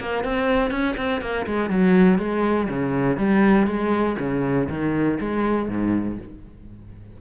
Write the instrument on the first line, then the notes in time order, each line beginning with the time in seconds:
cello
0.00 A#3
0.24 C4
0.71 C#4
0.97 C4
1.21 A#3
1.47 G#3
1.70 F#3
2.19 G#3
2.69 C#3
3.17 G3
3.67 G#3
4.19 C#3
4.69 D#3
5.20 G#3
5.69 G#2